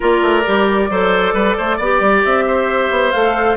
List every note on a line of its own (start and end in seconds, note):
0.00 0.22 A#3
0.00 0.42 F4
0.00 0.90 A#4
0.00 2.25 D5
0.22 0.44 A3
0.45 0.90 G3
0.45 0.89 G4
0.90 1.33 F#3
0.90 1.80 A4
0.90 1.34 C5
1.33 1.55 G3
1.33 1.56 B4
1.57 1.78 A3
1.57 1.76 C5
1.76 2.00 B3
1.76 2.43 D5
1.83 3.13 G4
2.00 2.23 G3
2.25 2.90 C4
2.25 3.11 E5
2.47 3.57 C5
2.90 3.12 B3
3.11 3.57 A3
3.11 3.57 A4
3.11 3.56 F5